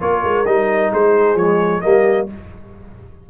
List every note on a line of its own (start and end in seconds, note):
0.00 0.23 A#3
0.00 0.45 F4
0.00 0.92 A#4
0.00 0.46 C#5
0.24 0.46 G#3
0.46 0.92 G3
0.46 1.38 D#4
0.46 0.91 D#5
0.92 1.35 G#3
0.92 1.83 G#4
0.92 1.37 C5
1.35 1.80 F3
1.35 1.81 G#3
1.35 1.81 C#5
1.81 2.30 G3
1.81 2.27 A#3
1.81 2.29 G4
1.81 2.26 D#5